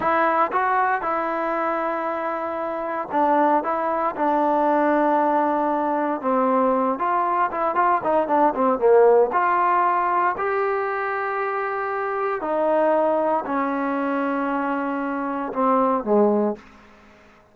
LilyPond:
\new Staff \with { instrumentName = "trombone" } { \time 4/4 \tempo 4 = 116 e'4 fis'4 e'2~ | e'2 d'4 e'4 | d'1 | c'4. f'4 e'8 f'8 dis'8 |
d'8 c'8 ais4 f'2 | g'1 | dis'2 cis'2~ | cis'2 c'4 gis4 | }